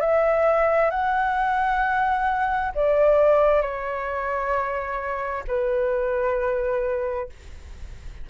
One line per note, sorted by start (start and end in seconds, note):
0.00 0.90 E5
0.90 2.72 F#5
2.74 3.62 D5
3.62 5.43 C#5
5.48 7.29 B4